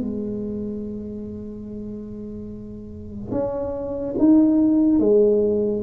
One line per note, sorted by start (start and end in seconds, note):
0.00 3.31 G#3
3.31 4.15 C#4
4.19 4.99 D#4
4.99 5.83 G#3